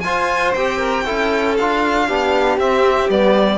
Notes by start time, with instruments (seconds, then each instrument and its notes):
0.00 cello F4, trombone F4, violin C5 G#5
0.54 cello C4, trombone G4, violin G5
0.78 violin A#4
1.05 cello C#4, trombone E4, violin A4
1.57 cello D4, trombone F4, violin F5
2.07 cello B3, trombone D4, violin G4
2.58 cello C4, trombone C4, violin E5
3.09 cello G3, trombone B3, violin D5